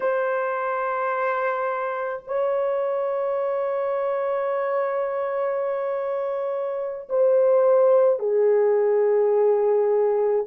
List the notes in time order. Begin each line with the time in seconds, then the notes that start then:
0.00 C5
2.27 C#5
7.09 C5
8.19 G#4